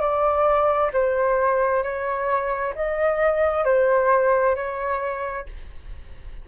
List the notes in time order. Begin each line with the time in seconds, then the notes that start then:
0.00 D5
0.93 C5
1.83 C#5
2.75 D#5
3.64 C5
4.55 C#5